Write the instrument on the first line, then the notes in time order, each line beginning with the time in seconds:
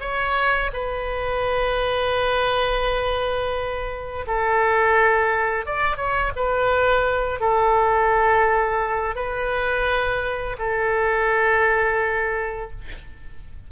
oboe
0.00 C#5
0.73 B4
4.26 A4
5.66 D5
5.96 C#5
6.35 B4
7.40 A4
9.15 B4
10.59 A4